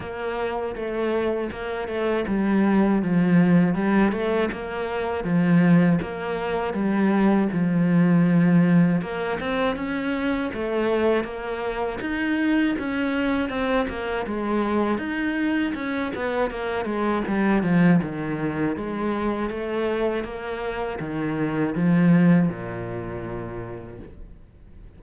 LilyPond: \new Staff \with { instrumentName = "cello" } { \time 4/4 \tempo 4 = 80 ais4 a4 ais8 a8 g4 | f4 g8 a8 ais4 f4 | ais4 g4 f2 | ais8 c'8 cis'4 a4 ais4 |
dis'4 cis'4 c'8 ais8 gis4 | dis'4 cis'8 b8 ais8 gis8 g8 f8 | dis4 gis4 a4 ais4 | dis4 f4 ais,2 | }